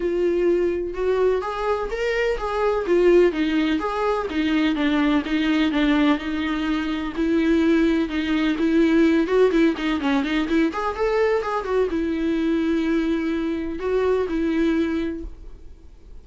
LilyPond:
\new Staff \with { instrumentName = "viola" } { \time 4/4 \tempo 4 = 126 f'2 fis'4 gis'4 | ais'4 gis'4 f'4 dis'4 | gis'4 dis'4 d'4 dis'4 | d'4 dis'2 e'4~ |
e'4 dis'4 e'4. fis'8 | e'8 dis'8 cis'8 dis'8 e'8 gis'8 a'4 | gis'8 fis'8 e'2.~ | e'4 fis'4 e'2 | }